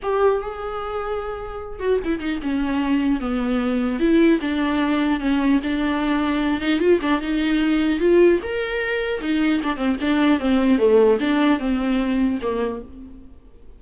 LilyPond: \new Staff \with { instrumentName = "viola" } { \time 4/4 \tempo 4 = 150 g'4 gis'2.~ | gis'8 fis'8 e'8 dis'8 cis'2 | b2 e'4 d'4~ | d'4 cis'4 d'2~ |
d'8 dis'8 f'8 d'8 dis'2 | f'4 ais'2 dis'4 | d'8 c'8 d'4 c'4 a4 | d'4 c'2 ais4 | }